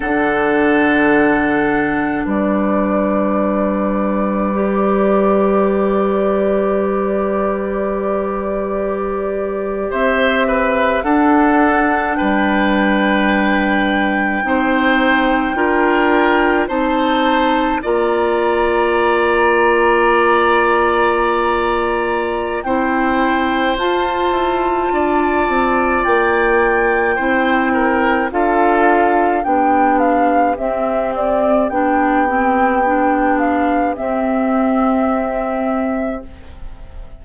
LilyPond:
<<
  \new Staff \with { instrumentName = "flute" } { \time 4/4 \tempo 4 = 53 fis''2 d''2~ | d''1~ | d''8. e''4 fis''4 g''4~ g''16~ | g''2~ g''8. a''4 ais''16~ |
ais''1 | g''4 a''2 g''4~ | g''4 f''4 g''8 f''8 e''8 d''8 | g''4. f''8 e''2 | }
  \new Staff \with { instrumentName = "oboe" } { \time 4/4 a'2 b'2~ | b'1~ | b'8. c''8 b'8 a'4 b'4~ b'16~ | b'8. c''4 ais'4 c''4 d''16~ |
d''1 | c''2 d''2 | c''8 ais'8 a'4 g'2~ | g'1 | }
  \new Staff \with { instrumentName = "clarinet" } { \time 4/4 d'1 | g'1~ | g'4.~ g'16 d'2~ d'16~ | d'8. dis'4 f'4 dis'4 f'16~ |
f'1 | e'4 f'2. | e'4 f'4 d'4 c'4 | d'8 c'8 d'4 c'2 | }
  \new Staff \with { instrumentName = "bassoon" } { \time 4/4 d2 g2~ | g1~ | g8. c'4 d'4 g4~ g16~ | g8. c'4 d'4 c'4 ais16~ |
ais1 | c'4 f'8 e'8 d'8 c'8 ais4 | c'4 d'4 b4 c'4 | b2 c'2 | }
>>